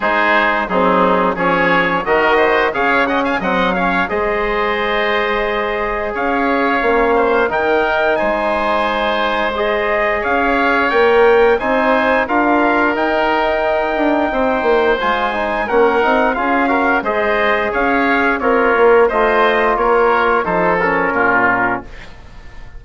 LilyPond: <<
  \new Staff \with { instrumentName = "trumpet" } { \time 4/4 \tempo 4 = 88 c''4 gis'4 cis''4 dis''4 | f''8 fis''16 gis''16 fis''8 f''8 dis''2~ | dis''4 f''2 g''4 | gis''2 dis''4 f''4 |
g''4 gis''4 f''4 g''4~ | g''2 gis''4 fis''4 | f''4 dis''4 f''4 cis''4 | dis''4 cis''4 c''8 ais'4. | }
  \new Staff \with { instrumentName = "oboe" } { \time 4/4 gis'4 dis'4 gis'4 ais'8 c''8 | cis''8 dis''16 f''16 dis''8 cis''8 c''2~ | c''4 cis''4. c''8 ais'4 | c''2. cis''4~ |
cis''4 c''4 ais'2~ | ais'4 c''2 ais'4 | gis'8 ais'8 c''4 cis''4 f'4 | c''4 ais'4 a'4 f'4 | }
  \new Staff \with { instrumentName = "trombone" } { \time 4/4 dis'4 c'4 cis'4 fis'4 | gis'8 cis'8 c'8 cis'8 gis'2~ | gis'2 cis'4 dis'4~ | dis'2 gis'2 |
ais'4 dis'4 f'4 dis'4~ | dis'2 f'8 dis'8 cis'8 dis'8 | f'8 fis'8 gis'2 ais'4 | f'2 dis'8 cis'4. | }
  \new Staff \with { instrumentName = "bassoon" } { \time 4/4 gis4 fis4 f4 dis4 | cis4 fis4 gis2~ | gis4 cis'4 ais4 dis4 | gis2. cis'4 |
ais4 c'4 d'4 dis'4~ | dis'8 d'8 c'8 ais8 gis4 ais8 c'8 | cis'4 gis4 cis'4 c'8 ais8 | a4 ais4 f4 ais,4 | }
>>